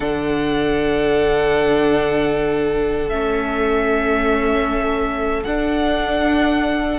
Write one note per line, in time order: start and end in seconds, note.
0.00 3.10 D3
0.00 3.10 D4
0.00 6.99 A4
0.00 3.09 F#5
3.09 5.44 A3
3.09 5.44 C#4
3.09 5.43 E5
5.44 6.99 D4
5.44 6.99 F#5